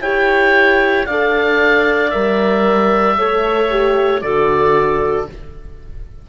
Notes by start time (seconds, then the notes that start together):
0.00 E4 G4 C#5 G5
1.06 D4 A4 D5 F5
2.10 G3 A#4 E5
3.18 A3 A4 C#5
3.70 G4
4.21 D3 F#4 A4 D5